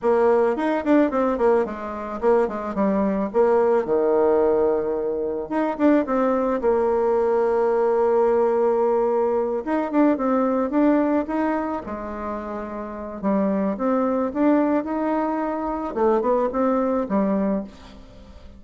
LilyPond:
\new Staff \with { instrumentName = "bassoon" } { \time 4/4 \tempo 4 = 109 ais4 dis'8 d'8 c'8 ais8 gis4 | ais8 gis8 g4 ais4 dis4~ | dis2 dis'8 d'8 c'4 | ais1~ |
ais4. dis'8 d'8 c'4 d'8~ | d'8 dis'4 gis2~ gis8 | g4 c'4 d'4 dis'4~ | dis'4 a8 b8 c'4 g4 | }